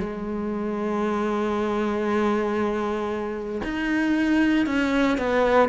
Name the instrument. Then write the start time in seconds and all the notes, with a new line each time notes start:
cello
0.00 G#3
3.64 D#4
4.66 C#4
5.18 B3